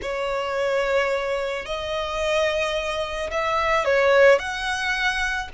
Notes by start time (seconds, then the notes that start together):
0.02 C#5
1.65 D#5
3.31 E5
3.85 C#5
4.38 F#5